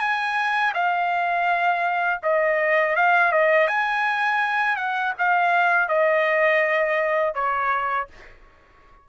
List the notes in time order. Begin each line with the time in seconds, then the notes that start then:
0.00 G#5
0.74 F5
2.23 D#5
2.96 F5
3.32 D#5
3.68 G#5
4.77 F#5
5.19 F5
5.89 D#5
7.35 C#5